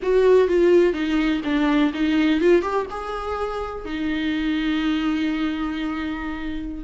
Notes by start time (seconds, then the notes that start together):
0.02 F#4
0.48 F4
0.93 D#4
1.44 D4
1.93 D#4
2.40 F4
2.62 G4
2.90 G#4
3.85 D#4